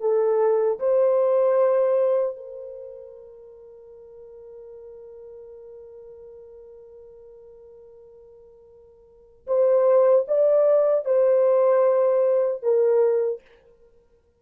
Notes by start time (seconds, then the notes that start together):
0.00 A4
0.80 C5
2.36 A#4
9.47 C5
10.28 D5
11.05 C5
12.62 A#4